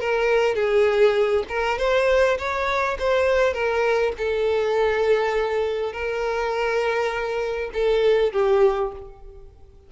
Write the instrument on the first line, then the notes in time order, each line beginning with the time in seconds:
violin
0.00 A#4
0.55 G#4
1.49 A#4
1.78 C5
2.38 C#5
2.99 C5
3.53 A#4
4.17 A4
5.92 A#4
7.73 A4
8.32 G4